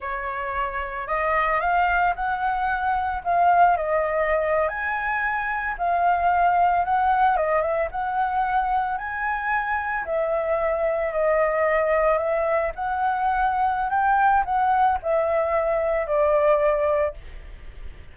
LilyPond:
\new Staff \with { instrumentName = "flute" } { \time 4/4 \tempo 4 = 112 cis''2 dis''4 f''4 | fis''2 f''4 dis''4~ | dis''8. gis''2 f''4~ f''16~ | f''8. fis''4 dis''8 e''8 fis''4~ fis''16~ |
fis''8. gis''2 e''4~ e''16~ | e''8. dis''2 e''4 fis''16~ | fis''2 g''4 fis''4 | e''2 d''2 | }